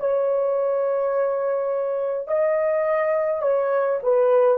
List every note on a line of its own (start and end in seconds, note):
0.00 2.28 C#5
2.28 3.42 D#5
3.42 4.00 C#5
4.03 4.58 B4